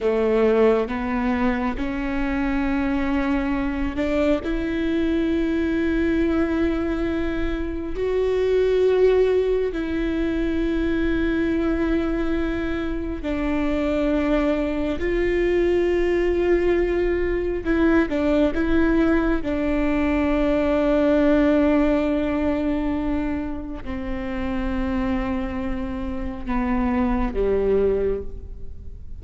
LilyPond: \new Staff \with { instrumentName = "viola" } { \time 4/4 \tempo 4 = 68 a4 b4 cis'2~ | cis'8 d'8 e'2.~ | e'4 fis'2 e'4~ | e'2. d'4~ |
d'4 f'2. | e'8 d'8 e'4 d'2~ | d'2. c'4~ | c'2 b4 g4 | }